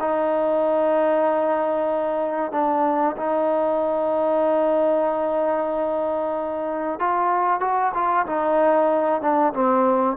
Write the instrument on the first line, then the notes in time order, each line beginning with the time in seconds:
trombone
0.00 D#4
2.52 D4
3.17 D#4
7.00 F4
7.60 F#4
7.94 F4
8.26 D#4
9.21 D4
9.53 C4